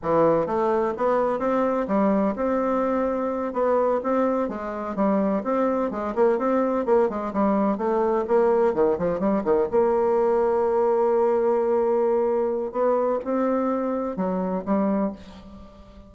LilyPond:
\new Staff \with { instrumentName = "bassoon" } { \time 4/4 \tempo 4 = 127 e4 a4 b4 c'4 | g4 c'2~ c'8 b8~ | b8 c'4 gis4 g4 c'8~ | c'8 gis8 ais8 c'4 ais8 gis8 g8~ |
g8 a4 ais4 dis8 f8 g8 | dis8 ais2.~ ais8~ | ais2. b4 | c'2 fis4 g4 | }